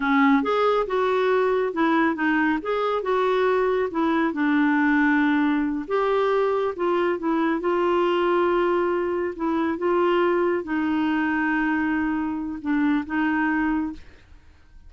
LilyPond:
\new Staff \with { instrumentName = "clarinet" } { \time 4/4 \tempo 4 = 138 cis'4 gis'4 fis'2 | e'4 dis'4 gis'4 fis'4~ | fis'4 e'4 d'2~ | d'4. g'2 f'8~ |
f'8 e'4 f'2~ f'8~ | f'4. e'4 f'4.~ | f'8 dis'2.~ dis'8~ | dis'4 d'4 dis'2 | }